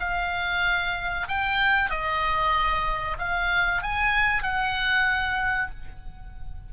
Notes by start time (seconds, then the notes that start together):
0.00 F5
1.28 G5
1.90 D#5
3.18 F5
3.82 G#5
4.42 F#5